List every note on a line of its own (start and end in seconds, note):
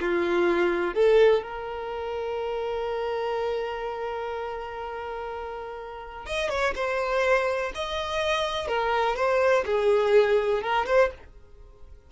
0.00 0.94 F4
0.94 1.42 A4
1.42 6.26 A#4
6.26 6.49 D#5
6.49 6.74 C#5
6.75 7.72 C5
7.75 8.67 D#5
8.67 9.16 A#4
9.16 9.64 C5
9.65 10.62 G#4
10.62 10.86 A#4
10.86 11.10 C5